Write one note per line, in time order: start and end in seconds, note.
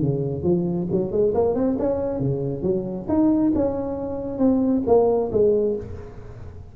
0.00 0.43 C#3
0.43 0.87 F3
0.91 1.11 F#3
1.11 1.33 G#3
1.34 1.54 A#3
1.54 1.76 C4
1.78 2.20 C#4
2.20 2.62 C#3
2.62 3.06 F#3
3.08 3.52 D#4
3.55 4.38 C#4
4.38 4.82 C4
4.86 5.30 A#3
5.32 5.76 G#3